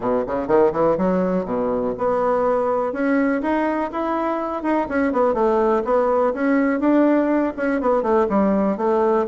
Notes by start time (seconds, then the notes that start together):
0.00 B2
0.26 C#3
0.47 D#3
0.72 E3
0.97 F#3
1.45 B2
1.98 B3
2.93 C#4
3.41 D#4
3.91 E4
4.62 D#4
4.88 C#4
5.12 B3
5.34 A3
5.84 B3
6.33 C#4
6.79 D4
7.57 C#4
7.80 B3
8.02 A3
8.29 G3
8.77 A3